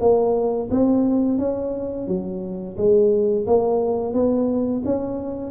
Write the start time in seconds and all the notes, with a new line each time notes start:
0.00 A#3
0.71 C4
1.38 C#4
2.07 F#3
2.77 G#3
3.46 A#3
4.13 B3
4.85 C#4